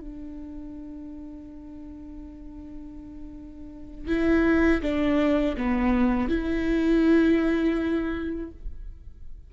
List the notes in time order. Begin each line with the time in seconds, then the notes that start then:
0.00 D4
4.07 E4
4.81 D4
5.57 B3
6.29 E4